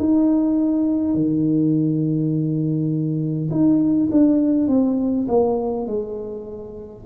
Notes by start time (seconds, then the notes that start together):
0.00 D#4
1.15 D#3
3.51 D#4
4.12 D4
4.68 C4
5.28 A#3
5.87 G#3